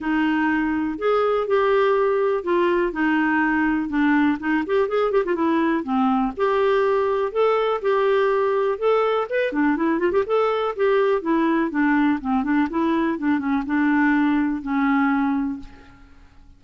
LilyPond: \new Staff \with { instrumentName = "clarinet" } { \time 4/4 \tempo 4 = 123 dis'2 gis'4 g'4~ | g'4 f'4 dis'2 | d'4 dis'8 g'8 gis'8 g'16 f'16 e'4 | c'4 g'2 a'4 |
g'2 a'4 b'8 d'8 | e'8 f'16 g'16 a'4 g'4 e'4 | d'4 c'8 d'8 e'4 d'8 cis'8 | d'2 cis'2 | }